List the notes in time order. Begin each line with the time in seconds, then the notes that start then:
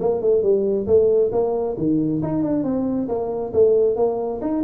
0.00 A#3
0.21 A3
0.43 G3
0.87 A3
1.32 A#3
1.78 D#3
2.23 D#4
2.43 D4
2.64 C4
3.08 A#3
3.53 A3
3.96 A#3
4.41 D#4